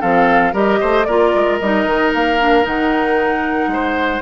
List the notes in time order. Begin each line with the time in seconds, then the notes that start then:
0.00 F3 C4 A4 F5
0.52 G3 G4 A#4 D#5
0.80 A3 C5
1.04 A#3 F4 A#4 D5
1.34 G#3
1.59 G3 D#4 D#5
1.85 D#3
2.13 A#3 F5
2.39 D4
2.62 D#3 D#4 F#5
3.67 G#3 C5